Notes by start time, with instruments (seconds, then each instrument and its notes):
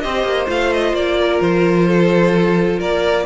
0.00 cello C4, viola G4, violin C5 D#5
0.23 cello A#3
0.47 cello A3, viola F4, violin F5
0.72 violin D#5
0.93 cello A#3, violin D5
1.19 violin A#4
1.41 cello F3, violin C5
1.87 violin A4
2.78 cello A#3, violin A#4 D5